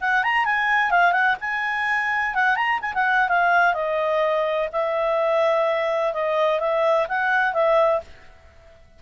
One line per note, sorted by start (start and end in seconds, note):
0.00 0.23 F#5
0.23 0.44 A#5
0.44 0.90 G#5
0.90 1.12 F5
1.12 1.35 F#5
1.40 2.34 G#5
2.34 2.55 F#5
2.55 2.79 A#5
2.81 2.93 G#5
2.94 3.28 F#5
3.28 3.73 F5
3.73 4.68 D#5
4.72 6.13 E5
6.13 6.59 D#5
6.59 7.07 E5
7.08 7.53 F#5
7.53 8.00 E5